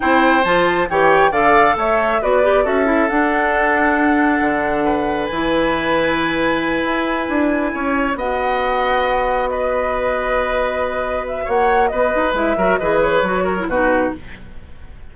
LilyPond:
<<
  \new Staff \with { instrumentName = "flute" } { \time 4/4 \tempo 4 = 136 g''4 a''4 g''4 f''4 | e''4 d''4 e''4 fis''4~ | fis''1 | gis''1~ |
gis''2~ gis''8 fis''4.~ | fis''4. dis''2~ dis''8~ | dis''4. e''8 fis''4 dis''4 | e''4 dis''8 cis''4. b'4 | }
  \new Staff \with { instrumentName = "oboe" } { \time 4/4 c''2 cis''4 d''4 | cis''4 b'4 a'2~ | a'2. b'4~ | b'1~ |
b'4. cis''4 dis''4.~ | dis''4. b'2~ b'8~ | b'2 cis''4 b'4~ | b'8 ais'8 b'4. ais'8 fis'4 | }
  \new Staff \with { instrumentName = "clarinet" } { \time 4/4 e'4 f'4 g'4 a'4~ | a'4 fis'8 g'8 fis'8 e'8 d'4~ | d'1 | e'1~ |
e'2~ e'8 fis'4.~ | fis'1~ | fis'1 | e'8 fis'8 gis'4 fis'8. e'16 dis'4 | }
  \new Staff \with { instrumentName = "bassoon" } { \time 4/4 c'4 f4 e4 d4 | a4 b4 cis'4 d'4~ | d'2 d2 | e2.~ e8 e'8~ |
e'8 d'4 cis'4 b4.~ | b1~ | b2 ais4 b8 dis'8 | gis8 fis8 e4 fis4 b,4 | }
>>